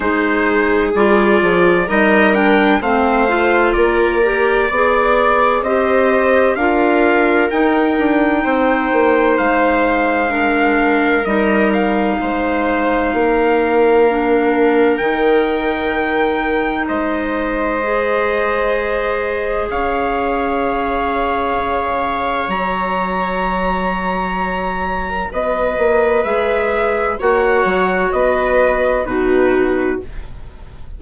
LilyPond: <<
  \new Staff \with { instrumentName = "trumpet" } { \time 4/4 \tempo 4 = 64 c''4 d''4 dis''8 g''8 f''4 | d''2 dis''4 f''4 | g''2 f''2 | dis''8 f''2.~ f''8 |
g''2 dis''2~ | dis''4 f''2. | ais''2. dis''4 | e''4 fis''4 dis''4 b'4 | }
  \new Staff \with { instrumentName = "viola" } { \time 4/4 gis'2 ais'4 c''4 | ais'4 d''4 c''4 ais'4~ | ais'4 c''2 ais'4~ | ais'4 c''4 ais'2~ |
ais'2 c''2~ | c''4 cis''2.~ | cis''2~ cis''8. ais'16 b'4~ | b'4 cis''4 b'4 fis'4 | }
  \new Staff \with { instrumentName = "clarinet" } { \time 4/4 dis'4 f'4 dis'8 d'8 c'8 f'8~ | f'8 g'8 gis'4 g'4 f'4 | dis'2. d'4 | dis'2. d'4 |
dis'2. gis'4~ | gis'1 | fis'1 | gis'4 fis'2 dis'4 | }
  \new Staff \with { instrumentName = "bassoon" } { \time 4/4 gis4 g8 f8 g4 a4 | ais4 b4 c'4 d'4 | dis'8 d'8 c'8 ais8 gis2 | g4 gis4 ais2 |
dis2 gis2~ | gis4 cis'2 cis4 | fis2. b8 ais8 | gis4 ais8 fis8 b4 b,4 | }
>>